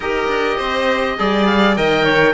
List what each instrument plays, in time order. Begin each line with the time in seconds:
0.00 cello D#4, trombone G4, violin A#4, oboe D#5
0.27 cello D4
0.57 cello C4, violin C5
1.18 cello G3, trombone G#4, violin D5
1.45 oboe F5
1.76 cello D#3, trombone A#4, violin D#5, oboe G5
2.03 violin C#5